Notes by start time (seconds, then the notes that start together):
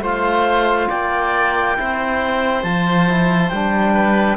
0.00 A3 F4 C5 F5
0.89 A#3 D5 G5
1.76 C4 E4 C5
2.62 F3 F4 A5
3.07 E4
3.49 G3 D4 G5
3.93 B4